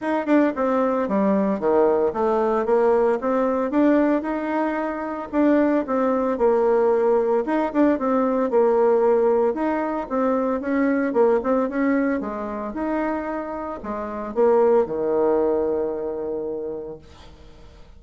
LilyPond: \new Staff \with { instrumentName = "bassoon" } { \time 4/4 \tempo 4 = 113 dis'8 d'8 c'4 g4 dis4 | a4 ais4 c'4 d'4 | dis'2 d'4 c'4 | ais2 dis'8 d'8 c'4 |
ais2 dis'4 c'4 | cis'4 ais8 c'8 cis'4 gis4 | dis'2 gis4 ais4 | dis1 | }